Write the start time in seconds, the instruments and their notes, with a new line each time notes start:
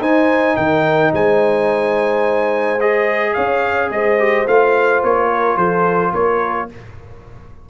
0.00 tuba D#4, trombone D#4, horn C5, trumpet G#5
0.56 tuba D#3, horn A#4, trumpet G5
1.12 tuba G#3, horn C5, trumpet G#5
2.80 trombone G#4, trumpet D#5
3.34 tuba C#4, horn C#5, trumpet F5
3.90 tuba G#3, horn C5, trumpet D#5
4.18 trombone G4
4.46 tuba A3, trombone F4, trumpet F5
5.03 tuba A#3, trumpet C#5
5.30 horn A#4
5.56 tuba F3, horn A4, trumpet C5
6.13 tuba A#3, horn A#4, trumpet C#5